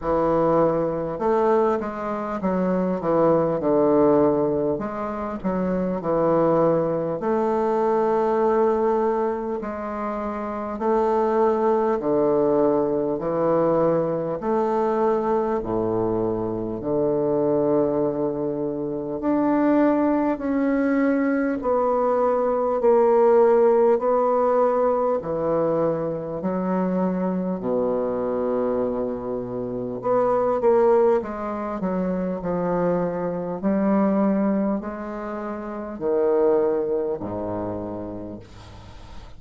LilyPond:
\new Staff \with { instrumentName = "bassoon" } { \time 4/4 \tempo 4 = 50 e4 a8 gis8 fis8 e8 d4 | gis8 fis8 e4 a2 | gis4 a4 d4 e4 | a4 a,4 d2 |
d'4 cis'4 b4 ais4 | b4 e4 fis4 b,4~ | b,4 b8 ais8 gis8 fis8 f4 | g4 gis4 dis4 gis,4 | }